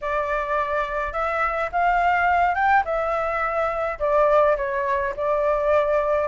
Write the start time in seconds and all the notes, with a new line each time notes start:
0.01 D5
1.12 E5
1.71 F5
2.54 G5
2.84 E5
3.99 D5
4.57 C#5
5.16 D5